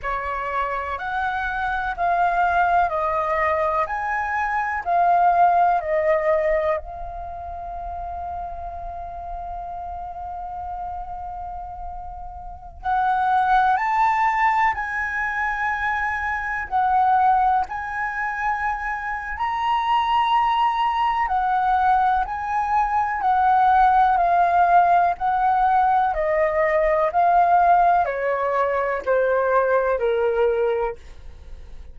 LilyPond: \new Staff \with { instrumentName = "flute" } { \time 4/4 \tempo 4 = 62 cis''4 fis''4 f''4 dis''4 | gis''4 f''4 dis''4 f''4~ | f''1~ | f''4~ f''16 fis''4 a''4 gis''8.~ |
gis''4~ gis''16 fis''4 gis''4.~ gis''16 | ais''2 fis''4 gis''4 | fis''4 f''4 fis''4 dis''4 | f''4 cis''4 c''4 ais'4 | }